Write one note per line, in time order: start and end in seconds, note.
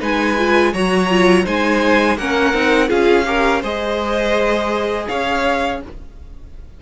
0.00 0.74 G#3
0.00 0.36 D#4
0.00 0.73 B4
0.00 0.74 G#5
0.38 0.74 F4
0.73 1.46 F#3
0.73 1.10 F#4
0.73 1.45 C#5
0.73 1.46 A#5
1.10 1.45 F4
1.45 2.17 G#3
1.45 2.17 D#4
1.45 2.17 C5
1.45 2.18 G#5
2.17 2.54 A#3
2.17 2.54 C#4
2.17 2.89 A#4
2.17 2.90 F#5
2.54 2.90 C4
2.54 2.88 D#4
2.88 3.63 C#4
2.88 3.24 F4
2.88 3.25 G#4
2.88 3.63 F5
3.25 3.62 G4
3.25 3.61 A#4
3.61 5.08 G#3
3.61 5.81 G#4
3.61 5.06 C5
3.61 5.08 D#5
5.08 5.82 C#4
5.08 5.81 C#5
5.08 5.80 F5